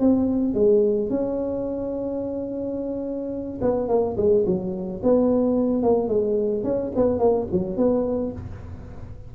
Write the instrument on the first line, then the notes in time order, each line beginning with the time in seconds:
tuba
0.00 C4
0.54 G#3
1.10 C#4
3.62 B3
3.89 A#3
4.17 G#3
4.46 F#3
5.03 B3
5.83 A#3
6.08 G#3
6.64 C#4
6.96 B3
7.19 A#3
7.52 F#3
7.77 B3